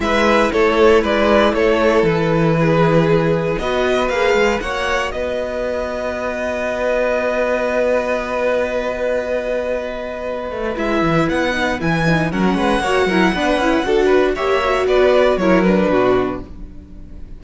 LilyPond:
<<
  \new Staff \with { instrumentName = "violin" } { \time 4/4 \tempo 4 = 117 e''4 cis''4 d''4 cis''4 | b'2. dis''4 | f''4 fis''4 dis''2~ | dis''1~ |
dis''1~ | dis''4 e''4 fis''4 gis''4 | fis''1 | e''4 d''4 cis''8 b'4. | }
  \new Staff \with { instrumentName = "violin" } { \time 4/4 b'4 a'4 b'4 a'4~ | a'4 gis'2 b'4~ | b'4 cis''4 b'2~ | b'1~ |
b'1~ | b'1 | ais'8 b'8 cis''8 ais'8 b'4 a'8 b'8 | cis''4 b'4 ais'4 fis'4 | }
  \new Staff \with { instrumentName = "viola" } { \time 4/4 e'1~ | e'2. fis'4 | gis'4 fis'2.~ | fis'1~ |
fis'1~ | fis'4 e'4. dis'8 e'8 dis'8 | cis'4 fis'8 e'8 d'8 e'8 fis'4 | g'8 fis'4. e'8 d'4. | }
  \new Staff \with { instrumentName = "cello" } { \time 4/4 gis4 a4 gis4 a4 | e2. b4 | ais8 gis8 ais4 b2~ | b1~ |
b1~ | b8 a8 gis8 e8 b4 e4 | fis8 gis8 ais8 fis8 b8 cis'8 d'4 | ais4 b4 fis4 b,4 | }
>>